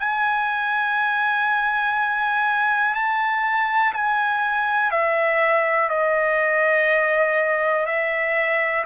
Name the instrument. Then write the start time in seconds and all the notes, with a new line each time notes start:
trumpet
0.00 G#5
2.96 A5
3.94 G#5
4.91 E5
5.90 D#5
7.86 E5